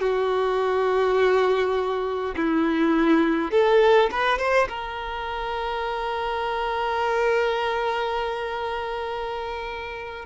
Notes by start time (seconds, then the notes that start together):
0.00 F#4
2.36 E4
3.51 A4
4.11 B4
4.39 C5
4.69 A#4